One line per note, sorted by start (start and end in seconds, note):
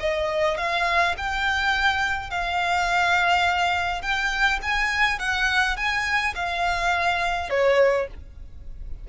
0.00 0.57 D#5
0.57 1.15 F5
1.18 2.30 G5
2.30 4.02 F5
4.02 4.59 G5
4.62 5.19 G#5
5.19 5.77 F#5
5.77 6.34 G#5
6.35 7.50 F5
7.50 8.08 C#5